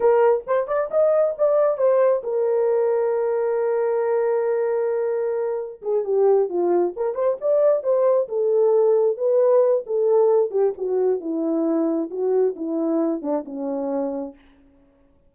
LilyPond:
\new Staff \with { instrumentName = "horn" } { \time 4/4 \tempo 4 = 134 ais'4 c''8 d''8 dis''4 d''4 | c''4 ais'2.~ | ais'1~ | ais'4 gis'8 g'4 f'4 ais'8 |
c''8 d''4 c''4 a'4.~ | a'8 b'4. a'4. g'8 | fis'4 e'2 fis'4 | e'4. d'8 cis'2 | }